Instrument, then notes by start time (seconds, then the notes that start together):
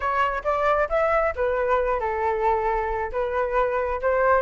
flute
0.00 C#5
0.44 D5
0.89 E5
1.35 B4
2.00 A4
3.12 B4
4.01 C5